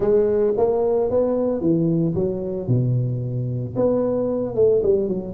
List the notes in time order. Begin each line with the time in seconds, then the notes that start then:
0.00 G#3
0.57 A#3
1.10 B3
1.60 E3
2.14 F#3
2.67 B2
3.76 B3
4.55 A3
4.82 G3
5.08 F#3